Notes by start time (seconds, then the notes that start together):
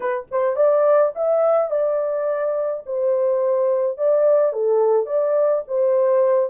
0.00 B4
0.31 C5
0.56 D5
1.15 E5
1.70 D5
2.86 C5
3.97 D5
4.53 A4
5.06 D5
5.67 C5